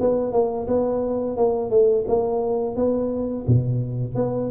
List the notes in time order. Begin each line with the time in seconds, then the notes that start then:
0.00 B3
0.32 A#3
0.67 B3
1.36 A#3
1.70 A3
2.07 A#3
2.76 B3
3.47 B2
4.15 B3